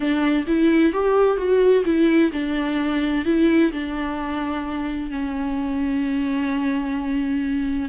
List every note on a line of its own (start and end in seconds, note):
0.00 0.45 D4
0.47 0.93 E4
0.93 1.37 G4
1.37 1.83 F#4
1.85 2.31 E4
2.32 3.25 D4
3.25 3.71 E4
3.72 5.10 D4
5.10 7.89 C#4